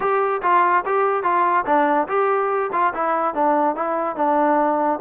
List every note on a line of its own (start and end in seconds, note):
0.00 0.41 G4
0.42 0.84 F4
0.85 1.23 G4
1.23 1.64 F4
1.66 2.07 D4
2.08 2.70 G4
2.72 2.93 F4
2.94 3.34 E4
3.34 3.75 D4
3.75 4.16 E4
4.16 4.99 D4